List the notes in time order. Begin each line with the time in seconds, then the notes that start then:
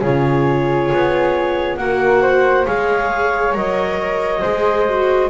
0.00 C#3 F4 G#4 C#5
0.92 B3
1.77 A#3 F#4 A#4 F#5
2.22 C5
2.66 G#3 G#4 C#5 F5
3.53 F#3 A#4 D#5
4.41 G#3 G#4 C5
4.89 F#4